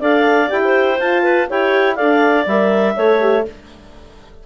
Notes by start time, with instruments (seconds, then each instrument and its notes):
0.00 bassoon D4, horn A4, clarinet D5 F5
0.48 bassoon E4, horn G4, clarinet G5
0.64 clarinet C5
0.98 horn F4, bassoon F4, clarinet A5
1.23 clarinet B4
1.50 bassoon E4, horn G4, clarinet C#5 G5
1.95 bassoon D4, horn A4, clarinet D5 F5
2.46 bassoon G3, horn A#4, clarinet E5
2.96 bassoon A3, horn A4, clarinet C#5
3.20 horn G4